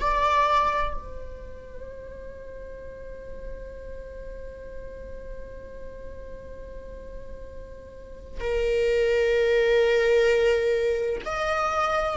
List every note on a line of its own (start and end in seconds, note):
0.00 0.93 D5
0.93 8.40 C5
8.40 11.21 A#4
11.25 12.17 D#5